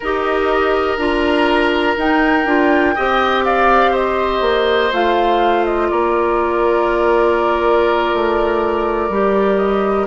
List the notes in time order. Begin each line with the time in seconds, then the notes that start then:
0.00 D#4 G4 A#4 D#5
0.97 D4 F4 A#5
1.96 D#4 G5
2.45 D4 F4
2.95 C4 G4 D#5
3.44 D5 F5
3.91 C5 D#5
4.41 A#3
4.92 A3 F4 F5
5.65 D#5
5.89 A#3 A#4 D5
8.14 A3
9.09 G3 G4
9.56 D#5